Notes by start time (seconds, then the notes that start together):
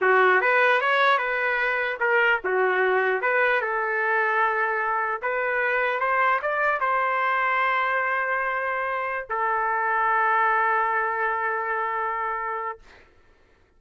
0.01 F#4
0.41 B4
0.81 C#5
1.17 B4
1.99 A#4
2.44 F#4
3.21 B4
3.61 A4
5.21 B4
5.99 C5
6.42 D5
6.80 C5
9.29 A4